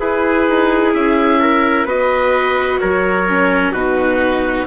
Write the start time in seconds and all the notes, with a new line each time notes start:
0.00 E4 G#4 B4
0.49 D#4
0.94 C#4 E5
1.40 A#4
1.85 B3 F#4 B4 D#5
2.80 F#3 A#4 C#5
3.28 C#4
3.73 B2 D#4 F#4 B4